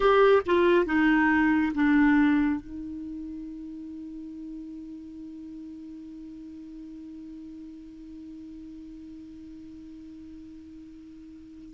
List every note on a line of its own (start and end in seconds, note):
0.00 0.42 G4
0.45 0.85 F4
0.85 1.72 D#4
1.74 2.60 D4
2.60 11.74 D#4